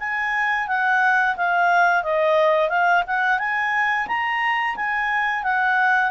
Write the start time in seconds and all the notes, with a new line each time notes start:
0.00 G#5
0.68 F#5
1.37 F5
2.04 D#5
2.70 F5
3.07 F#5
3.39 G#5
4.08 A#5
4.76 G#5
5.44 F#5